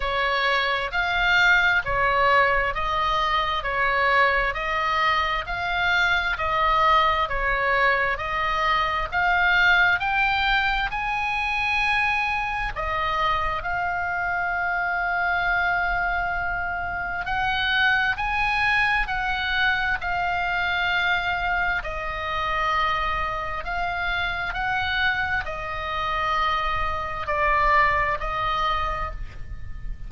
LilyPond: \new Staff \with { instrumentName = "oboe" } { \time 4/4 \tempo 4 = 66 cis''4 f''4 cis''4 dis''4 | cis''4 dis''4 f''4 dis''4 | cis''4 dis''4 f''4 g''4 | gis''2 dis''4 f''4~ |
f''2. fis''4 | gis''4 fis''4 f''2 | dis''2 f''4 fis''4 | dis''2 d''4 dis''4 | }